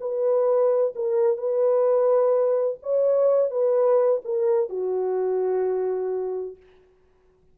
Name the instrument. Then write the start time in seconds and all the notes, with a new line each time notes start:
horn
0.00 B4
0.95 A#4
1.37 B4
2.83 C#5
3.50 B4
4.24 A#4
4.69 F#4